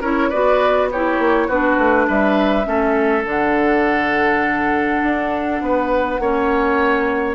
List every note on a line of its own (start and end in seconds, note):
0.00 0.29 C#4
0.00 0.32 E4
0.00 0.29 A#4
0.00 0.30 C#5
0.29 1.19 B3
0.29 0.91 F#4
0.29 0.88 B4
0.29 0.88 D5
0.91 1.50 E4
0.91 1.47 G4
0.91 1.49 C#5
1.19 1.48 A#3
1.47 1.77 B3
1.47 2.63 D4
1.47 2.06 F#4
1.47 2.08 B4
1.78 2.07 A3
2.07 2.66 G3
2.07 2.66 B4
2.07 3.25 E5
2.63 3.25 A3
2.63 3.22 C#4
2.63 5.62 A4
3.25 5.01 D3
3.25 6.19 D4
3.25 7.35 F#5
5.03 5.61 D4
5.61 6.19 B3
5.61 6.21 B4
6.19 7.35 A#3
6.19 7.35 C#4
6.19 7.35 C#5